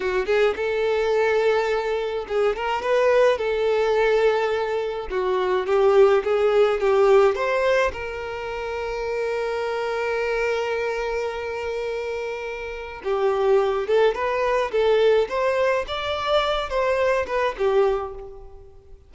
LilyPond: \new Staff \with { instrumentName = "violin" } { \time 4/4 \tempo 4 = 106 fis'8 gis'8 a'2. | gis'8 ais'8 b'4 a'2~ | a'4 fis'4 g'4 gis'4 | g'4 c''4 ais'2~ |
ais'1~ | ais'2. g'4~ | g'8 a'8 b'4 a'4 c''4 | d''4. c''4 b'8 g'4 | }